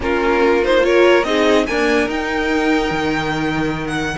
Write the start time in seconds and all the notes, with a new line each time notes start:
0.00 A#3 C#4 F4 A#4
0.64 D#4 C5
0.81 F4 A#4 C#5
1.23 C4 D#4 G#4 D#5
1.66 A#3 D4 A#4 G#5
2.06 D#4 G5
2.90 D#3
3.87 F#5